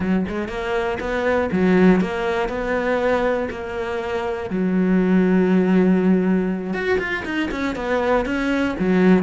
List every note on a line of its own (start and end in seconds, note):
0.00 0.25 F#3
0.28 0.48 G#3
0.48 0.98 A#3
1.00 1.50 B3
1.52 2.00 F#3
2.00 2.48 A#3
2.48 3.48 B3
3.50 4.50 A#3
4.50 6.73 F#3
6.73 6.98 F#4
6.98 7.23 F4
7.24 7.49 D#4
7.51 7.75 C#4
7.75 8.25 B3
8.25 8.75 C#4
8.79 9.22 F#3